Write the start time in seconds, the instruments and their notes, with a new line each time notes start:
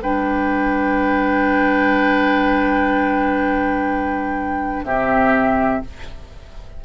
0.00 bassoon G3, clarinet D4, oboe B4, flute G5
4.84 bassoon C3, clarinet C4, oboe G4, flute E5